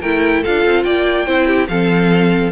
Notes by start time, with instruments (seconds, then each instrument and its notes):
0.00 cello A3, viola E4, violin A#4 G5
0.41 cello D4, viola F4, violin A4 F5
0.65 cello C4
0.83 cello A#3, violin D5 G5
1.26 cello C4, viola E4, violin C5
1.46 violin G4
1.68 cello F3, viola C4, violin A4 F5